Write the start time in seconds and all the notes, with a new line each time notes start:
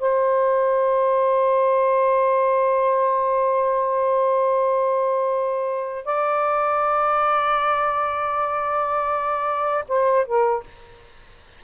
0.00 C5
6.06 D5
9.89 C5
10.26 A#4